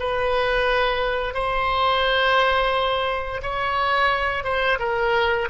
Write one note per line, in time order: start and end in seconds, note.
0.00 1.34 B4
1.34 3.41 C5
3.43 4.44 C#5
4.44 4.79 C5
4.80 5.49 A#4